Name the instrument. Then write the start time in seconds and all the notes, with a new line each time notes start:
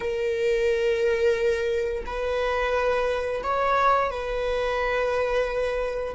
viola
0.00 A#4
2.05 B4
3.43 C#5
4.10 B4